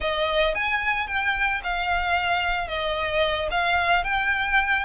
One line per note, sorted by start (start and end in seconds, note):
0.00 0.54 D#5
0.54 1.07 G#5
1.07 1.61 G5
1.63 2.67 F5
2.67 3.48 D#5
3.50 4.03 F5
4.03 4.85 G5